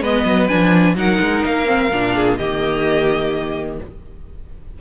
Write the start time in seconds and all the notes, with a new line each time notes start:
0.00 G#3 B3 B4 D#5
0.25 F#3
0.47 F3 D4 G#5
0.95 F#3 D#4 A#4 F#5
1.21 G#3
1.45 A#3 F5
1.66 C4
1.92 A#2 D4
2.15 G#4
2.37 D#3 A#3 G4 D#5